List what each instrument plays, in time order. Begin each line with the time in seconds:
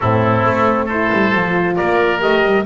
0.00 double bass A2, horn C4, oboe E4, trumpet A4
0.44 double bass A3
0.85 horn E4, oboe A4, trumpet C5
1.12 double bass G3
1.34 double bass F3, horn F4
1.76 double bass A#3, oboe A#4, trumpet D5
2.19 double bass A3, horn G4, trumpet D#5
2.43 double bass G3